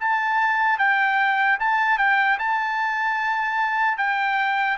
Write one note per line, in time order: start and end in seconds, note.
0.00 0.78 A5
0.78 1.58 G5
1.59 1.98 A5
1.98 2.38 G5
2.39 3.97 A5
3.97 4.77 G5